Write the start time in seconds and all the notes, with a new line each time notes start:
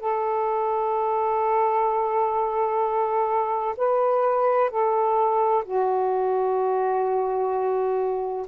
0.00 A4
3.77 B4
4.70 A4
5.65 F#4